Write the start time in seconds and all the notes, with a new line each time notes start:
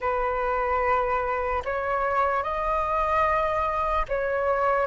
0.00 B4
1.64 C#5
2.43 D#5
4.08 C#5